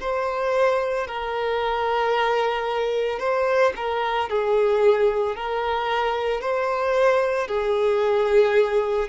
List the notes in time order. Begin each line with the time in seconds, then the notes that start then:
0.00 C5
1.07 A#4
3.19 C5
3.75 A#4
4.29 G#4
5.36 A#4
6.40 C5
7.48 G#4